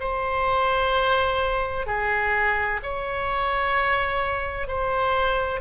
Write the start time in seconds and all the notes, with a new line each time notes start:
0.00 C5
1.86 G#4
2.83 C#5
4.67 C5